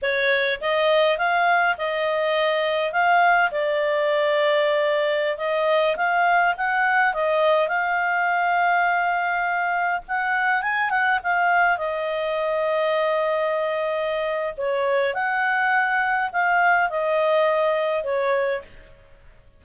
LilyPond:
\new Staff \with { instrumentName = "clarinet" } { \time 4/4 \tempo 4 = 103 cis''4 dis''4 f''4 dis''4~ | dis''4 f''4 d''2~ | d''4~ d''16 dis''4 f''4 fis''8.~ | fis''16 dis''4 f''2~ f''8.~ |
f''4~ f''16 fis''4 gis''8 fis''8 f''8.~ | f''16 dis''2.~ dis''8.~ | dis''4 cis''4 fis''2 | f''4 dis''2 cis''4 | }